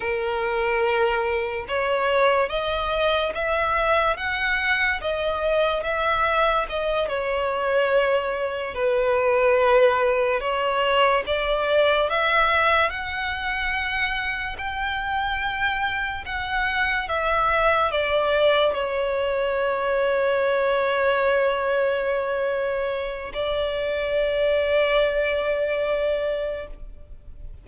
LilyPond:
\new Staff \with { instrumentName = "violin" } { \time 4/4 \tempo 4 = 72 ais'2 cis''4 dis''4 | e''4 fis''4 dis''4 e''4 | dis''8 cis''2 b'4.~ | b'8 cis''4 d''4 e''4 fis''8~ |
fis''4. g''2 fis''8~ | fis''8 e''4 d''4 cis''4.~ | cis''1 | d''1 | }